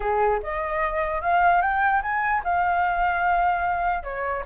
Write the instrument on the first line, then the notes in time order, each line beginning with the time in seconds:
flute
0.00 G#4
0.42 D#5
1.21 F5
1.61 G5
2.02 G#5
2.44 F5
4.03 C#5